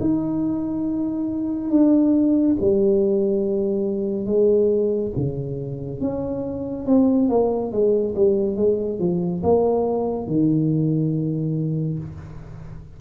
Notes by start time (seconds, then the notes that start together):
0.00 D#4
1.70 D4
2.60 G3
4.26 G#3
5.16 C#3
6.00 C#4
6.86 C4
7.29 A#3
7.71 G#3
8.15 G3
8.56 G#3
8.99 F3
9.43 A#3
10.27 D#3